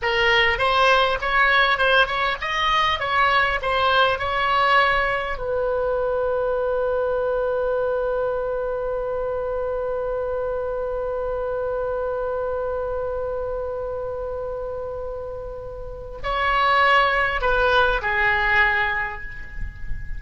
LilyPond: \new Staff \with { instrumentName = "oboe" } { \time 4/4 \tempo 4 = 100 ais'4 c''4 cis''4 c''8 cis''8 | dis''4 cis''4 c''4 cis''4~ | cis''4 b'2.~ | b'1~ |
b'1~ | b'1~ | b'2. cis''4~ | cis''4 b'4 gis'2 | }